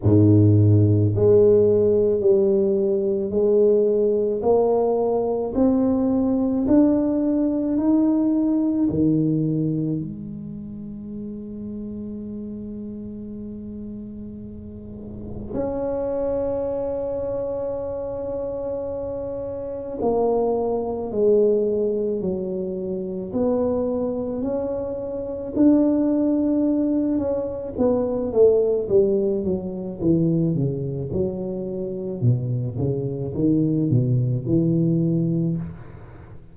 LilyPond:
\new Staff \with { instrumentName = "tuba" } { \time 4/4 \tempo 4 = 54 gis,4 gis4 g4 gis4 | ais4 c'4 d'4 dis'4 | dis4 gis2.~ | gis2 cis'2~ |
cis'2 ais4 gis4 | fis4 b4 cis'4 d'4~ | d'8 cis'8 b8 a8 g8 fis8 e8 cis8 | fis4 b,8 cis8 dis8 b,8 e4 | }